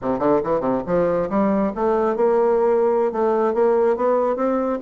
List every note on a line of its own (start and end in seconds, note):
0.01 0.19 C3
0.19 0.40 D3
0.43 0.60 E3
0.60 0.82 C3
0.86 1.29 F3
1.29 1.72 G3
1.75 2.15 A3
2.15 3.11 A#3
3.11 3.54 A3
3.54 3.96 A#3
3.96 4.35 B3
4.35 4.78 C4